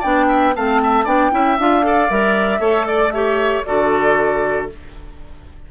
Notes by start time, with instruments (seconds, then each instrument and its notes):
0.00 bassoon B3, clarinet D4, oboe D5, flute G5
0.29 oboe E5
0.56 bassoon A3, clarinet C4, oboe F5, flute A5
0.83 oboe E5
1.05 bassoon B3, clarinet D4, oboe D5, flute G5
1.31 bassoon C#4, clarinet E4, oboe E5
1.59 bassoon D4, clarinet F4, flute F5
1.83 clarinet A4, oboe D5
2.10 bassoon G3, clarinet A#4, flute E5
2.60 bassoon A3, clarinet A4, oboe C#5
2.87 flute D5, oboe D5
3.11 clarinet G4, oboe C#5, flute E5
3.65 bassoon D3, clarinet F#4, oboe A4, flute D5